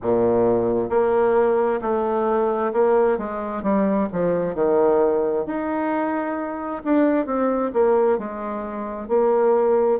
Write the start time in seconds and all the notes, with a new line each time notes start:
0.02 A#2
0.89 A#3
1.81 A3
2.73 A#3
3.17 G#3
3.62 G3
4.12 F3
4.55 D#3
5.45 D#4
6.84 D4
7.26 C4
7.73 A#3
8.18 G#3
9.08 A#3